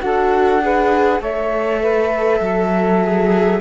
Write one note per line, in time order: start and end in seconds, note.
0.00 1.20 D4
0.00 0.60 F#4
0.00 0.62 A4
0.00 1.20 F#5
0.61 1.21 G#4
0.61 1.20 B4
1.20 2.39 A3
1.20 3.01 A4
1.20 1.80 C#5
1.20 3.60 E5
1.81 2.40 B4
2.39 3.59 F#3
2.39 3.60 A4
3.03 3.60 G#4